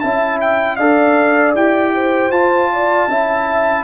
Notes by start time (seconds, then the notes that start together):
0.00 C#4 E4 E5 A5
0.41 G5
0.76 D4 A4 D5 F5
1.55 E4 G4 G5
1.94 C5
2.31 F4 A5
2.72 D5
3.08 C#4 E4 E5